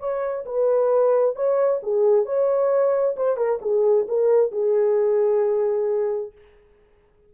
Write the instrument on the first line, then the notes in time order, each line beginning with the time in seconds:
horn
0.00 C#5
0.46 B4
1.36 C#5
1.83 G#4
2.26 C#5
3.17 C5
3.37 A#4
3.62 G#4
4.08 A#4
4.52 G#4